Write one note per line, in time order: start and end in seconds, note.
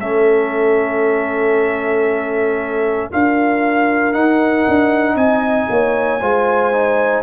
0.00 3.10 A3
0.00 3.11 C#4
0.00 3.10 A4
0.00 3.11 E5
3.11 4.15 D4
3.11 4.13 F4
3.11 5.16 A#4
3.11 4.14 F5
4.13 6.20 D#4
4.13 4.66 D#4
4.13 5.17 F#5
4.68 5.16 D4
5.16 5.67 C4
5.16 5.68 D#5
5.16 7.23 G#5
5.70 6.22 A#3
5.70 6.21 C#5
6.21 7.23 G#3
6.21 6.73 F4
6.21 7.23 C5
6.73 7.23 D#4